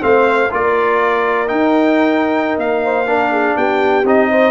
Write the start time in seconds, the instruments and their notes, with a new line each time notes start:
0.00 tuba A3, trombone C4, horn C5, trumpet F5
0.51 tuba A#3, trombone F4, horn A#4, trumpet D5
1.47 trombone D#4, tuba D#4, trumpet G5
2.58 tuba A#3, trumpet F5
2.84 horn C5
3.06 trombone D4, horn A#4
3.31 horn G#4
3.56 tuba B3, horn G4, trumpet G5
4.04 tuba C4, trombone D#4, trumpet D#5
4.30 horn C5